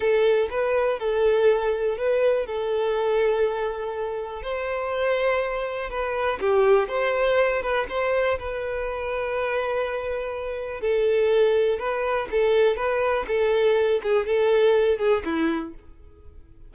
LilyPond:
\new Staff \with { instrumentName = "violin" } { \time 4/4 \tempo 4 = 122 a'4 b'4 a'2 | b'4 a'2.~ | a'4 c''2. | b'4 g'4 c''4. b'8 |
c''4 b'2.~ | b'2 a'2 | b'4 a'4 b'4 a'4~ | a'8 gis'8 a'4. gis'8 e'4 | }